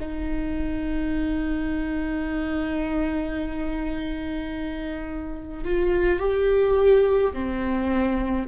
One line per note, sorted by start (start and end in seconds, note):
0.00 5.64 D#4
5.64 6.20 F4
6.20 7.33 G4
7.33 8.46 C4